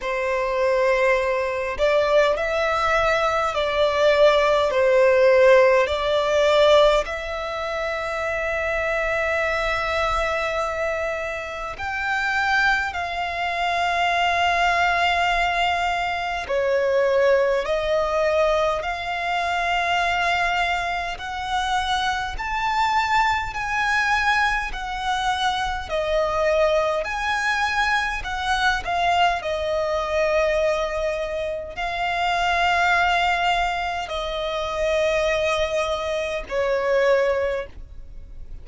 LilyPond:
\new Staff \with { instrumentName = "violin" } { \time 4/4 \tempo 4 = 51 c''4. d''8 e''4 d''4 | c''4 d''4 e''2~ | e''2 g''4 f''4~ | f''2 cis''4 dis''4 |
f''2 fis''4 a''4 | gis''4 fis''4 dis''4 gis''4 | fis''8 f''8 dis''2 f''4~ | f''4 dis''2 cis''4 | }